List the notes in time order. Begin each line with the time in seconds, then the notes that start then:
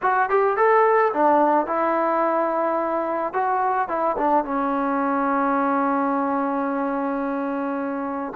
0.02 F#4
0.29 G4
0.57 A4
1.13 D4
1.66 E4
3.33 F#4
3.88 E4
4.17 D4
4.44 C#4